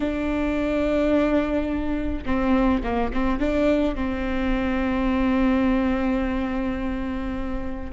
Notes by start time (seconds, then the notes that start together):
0.00 D4
2.25 C4
2.83 A#3
3.13 C4
3.39 D4
3.95 C4